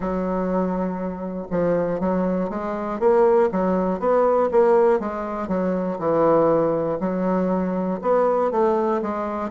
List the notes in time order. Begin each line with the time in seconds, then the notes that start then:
0.00 F#3
1.50 F3
2.00 F#3
2.50 G#3
2.99 A#3
3.51 F#3
4.00 B3
4.51 A#3
4.99 G#3
5.47 F#3
5.98 E3
7.00 F#3
8.01 B3
8.51 A3
9.01 G#3